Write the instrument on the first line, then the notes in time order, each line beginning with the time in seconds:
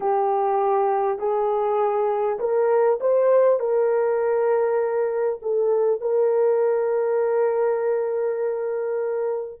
horn
0.00 G4
1.18 G#4
2.39 A#4
3.00 C5
3.59 A#4
5.42 A4
6.00 A#4